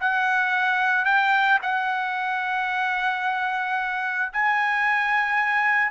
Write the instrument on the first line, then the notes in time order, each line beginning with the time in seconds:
trumpet
0.00 F#5
1.05 G5
1.62 F#5
4.33 G#5